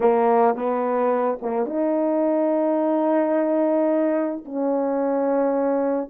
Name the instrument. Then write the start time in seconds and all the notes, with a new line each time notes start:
horn
0.00 A#3
0.55 B3
1.41 A#3
1.66 D#4
4.45 C#4